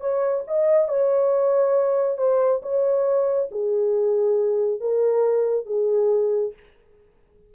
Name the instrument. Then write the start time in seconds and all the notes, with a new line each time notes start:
horn
0.00 C#5
0.47 D#5
0.88 C#5
2.17 C5
2.62 C#5
3.51 G#4
4.80 A#4
5.66 G#4